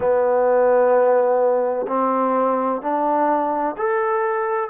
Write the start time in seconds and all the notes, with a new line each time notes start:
0.00 B3
1.87 C4
2.81 D4
3.77 A4